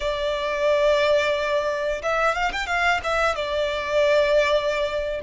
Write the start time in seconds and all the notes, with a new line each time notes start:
0.00 D5
2.02 E5
2.34 F5
2.52 G5
2.66 F5
3.03 E5
3.35 D5